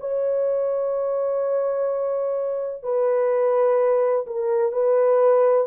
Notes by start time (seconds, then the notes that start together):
0.00 C#5
2.83 B4
4.27 A#4
4.72 B4